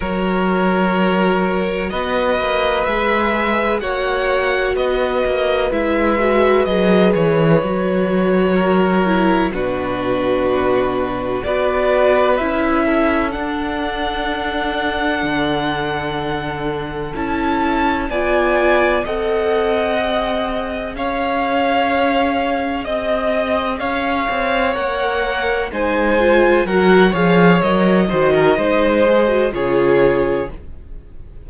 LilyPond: <<
  \new Staff \with { instrumentName = "violin" } { \time 4/4 \tempo 4 = 63 cis''2 dis''4 e''4 | fis''4 dis''4 e''4 dis''8 cis''8~ | cis''2 b'2 | d''4 e''4 fis''2~ |
fis''2 a''4 gis''4 | fis''2 f''2 | dis''4 f''4 fis''4 gis''4 | fis''8 f''8 dis''2 cis''4 | }
  \new Staff \with { instrumentName = "violin" } { \time 4/4 ais'2 b'2 | cis''4 b'2.~ | b'4 ais'4 fis'2 | b'4. a'2~ a'8~ |
a'2. d''4 | dis''2 cis''2 | dis''4 cis''2 c''4 | ais'8 cis''4 c''16 ais'16 c''4 gis'4 | }
  \new Staff \with { instrumentName = "viola" } { \time 4/4 fis'2. gis'4 | fis'2 e'8 fis'8 gis'4 | fis'4. e'8 d'2 | fis'4 e'4 d'2~ |
d'2 e'4 f'4 | a'4 gis'2.~ | gis'2 ais'4 dis'8 f'8 | fis'8 gis'8 ais'8 fis'8 dis'8 gis'16 fis'16 f'4 | }
  \new Staff \with { instrumentName = "cello" } { \time 4/4 fis2 b8 ais8 gis4 | ais4 b8 ais8 gis4 fis8 e8 | fis2 b,2 | b4 cis'4 d'2 |
d2 cis'4 b4 | c'2 cis'2 | c'4 cis'8 c'8 ais4 gis4 | fis8 f8 fis8 dis8 gis4 cis4 | }
>>